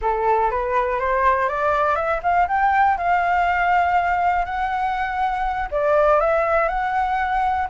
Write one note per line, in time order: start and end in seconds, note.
0.01 0.50 A4
0.50 0.99 B4
0.99 1.48 C5
1.48 1.95 D5
1.95 2.20 E5
2.22 2.47 F5
2.47 2.97 G5
2.97 4.45 F5
4.45 5.69 F#5
5.71 6.20 D5
6.20 6.68 E5
6.68 7.67 F#5